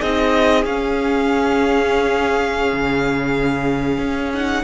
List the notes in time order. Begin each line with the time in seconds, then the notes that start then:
0.00 C4 D#4 G#4 D#5
0.64 C#4 F5
2.72 C#3
3.98 C#4
4.33 D#4 F#5